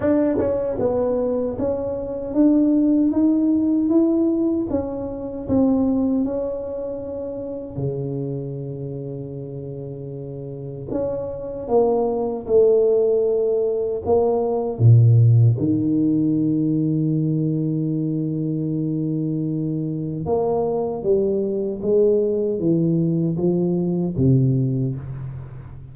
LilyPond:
\new Staff \with { instrumentName = "tuba" } { \time 4/4 \tempo 4 = 77 d'8 cis'8 b4 cis'4 d'4 | dis'4 e'4 cis'4 c'4 | cis'2 cis2~ | cis2 cis'4 ais4 |
a2 ais4 ais,4 | dis1~ | dis2 ais4 g4 | gis4 e4 f4 c4 | }